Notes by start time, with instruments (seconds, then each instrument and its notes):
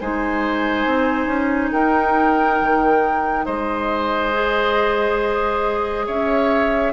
0.00 bassoon G#3, clarinet D#4, oboe C5, flute G#5
0.85 bassoon C4
1.26 bassoon C#4
1.72 bassoon D#4, oboe A#4, flute G5
2.61 bassoon D#3
3.45 bassoon G#3, oboe C5, flute D#5
4.33 clarinet G#4
6.06 bassoon C#4, oboe C#5, flute E5